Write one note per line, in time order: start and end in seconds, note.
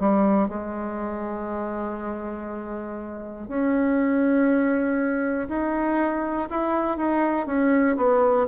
0.00 0.49 G3
0.49 3.48 G#3
3.48 5.48 C#4
5.49 6.49 D#4
6.50 6.98 E4
6.98 7.47 D#4
7.47 7.97 C#4
7.97 8.47 B3